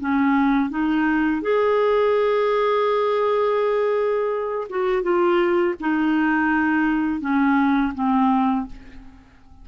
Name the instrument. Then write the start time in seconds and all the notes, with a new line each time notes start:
clarinet
0.00 C#4
0.70 D#4
1.42 G#4
4.70 F#4
5.03 F4
5.81 D#4
7.21 C#4
7.95 C4